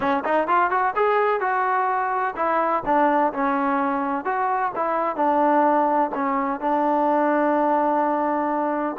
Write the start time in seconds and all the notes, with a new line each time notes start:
0.00 C#4
0.24 D#4
0.47 F4
0.70 F#4
0.95 G#4
1.40 F#4
2.36 E4
2.85 D4
3.33 C#4
4.24 F#4
4.75 E4
5.16 D4
6.14 C#4
6.60 D4